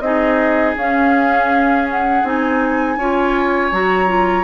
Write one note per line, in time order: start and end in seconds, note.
0.00 0.75 C4
0.00 0.77 D#4
0.00 2.99 G#4
0.00 0.74 D#5
0.77 2.24 C#4
0.77 1.89 F5
1.90 2.26 F#5
2.24 2.97 C4
2.24 2.98 D#4
2.24 3.73 G#5
2.97 3.71 C#4
2.97 3.72 F4
2.97 4.44 C#5
3.72 4.44 F#3
3.72 4.07 F#4
3.72 4.44 A#5
4.07 4.44 F4